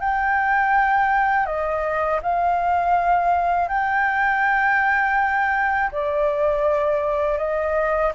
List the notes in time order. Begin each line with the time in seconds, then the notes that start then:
0.00 G5
1.46 D#5
2.23 F5
3.68 G5
5.92 D5
7.38 D#5